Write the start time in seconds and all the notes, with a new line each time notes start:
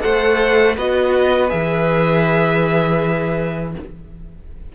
0.00 A3 A4 C5 F#5
0.76 B3 F#4 B4 D#5
1.49 E3 G#4 E5